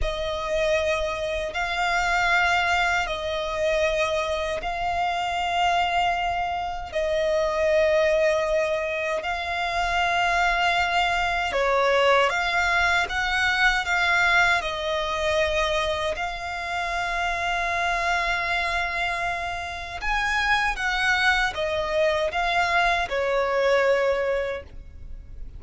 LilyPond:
\new Staff \with { instrumentName = "violin" } { \time 4/4 \tempo 4 = 78 dis''2 f''2 | dis''2 f''2~ | f''4 dis''2. | f''2. cis''4 |
f''4 fis''4 f''4 dis''4~ | dis''4 f''2.~ | f''2 gis''4 fis''4 | dis''4 f''4 cis''2 | }